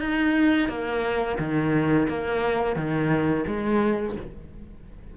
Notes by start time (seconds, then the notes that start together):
0.00 D#4
0.69 A#3
1.39 D#3
2.09 A#3
2.76 D#3
3.48 G#3